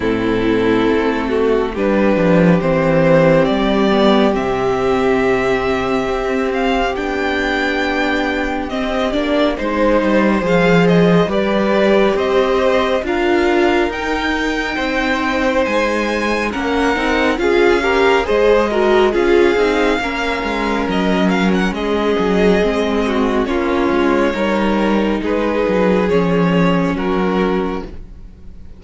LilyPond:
<<
  \new Staff \with { instrumentName = "violin" } { \time 4/4 \tempo 4 = 69 a'2 b'4 c''4 | d''4 e''2~ e''8 f''8 | g''2 dis''8 d''8 c''4 | f''8 dis''8 d''4 dis''4 f''4 |
g''2 gis''4 fis''4 | f''4 dis''4 f''2 | dis''8 f''16 fis''16 dis''2 cis''4~ | cis''4 b'4 cis''4 ais'4 | }
  \new Staff \with { instrumentName = "violin" } { \time 4/4 e'4. fis'8 g'2~ | g'1~ | g'2. c''4~ | c''4 b'4 c''4 ais'4~ |
ais'4 c''2 ais'4 | gis'8 ais'8 c''8 ais'8 gis'4 ais'4~ | ais'4 gis'4. fis'8 f'4 | ais'4 gis'2 fis'4 | }
  \new Staff \with { instrumentName = "viola" } { \time 4/4 c'2 d'4 c'4~ | c'8 b8 c'2. | d'2 c'8 d'8 dis'4 | gis'4 g'2 f'4 |
dis'2. cis'8 dis'8 | f'8 g'8 gis'8 fis'8 f'8 dis'8 cis'4~ | cis'2 c'4 cis'4 | dis'2 cis'2 | }
  \new Staff \with { instrumentName = "cello" } { \time 4/4 a,4 a4 g8 f8 e4 | g4 c2 c'4 | b2 c'8 ais8 gis8 g8 | f4 g4 c'4 d'4 |
dis'4 c'4 gis4 ais8 c'8 | cis'4 gis4 cis'8 c'8 ais8 gis8 | fis4 gis8 fis8 gis4 ais8 gis8 | g4 gis8 fis8 f4 fis4 | }
>>